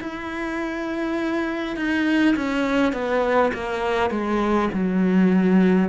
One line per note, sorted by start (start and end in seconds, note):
0.00 1.76 E4
1.76 2.35 D#4
2.36 2.93 C#4
2.93 3.51 B3
3.53 4.10 A#3
4.10 4.69 G#3
4.73 5.89 F#3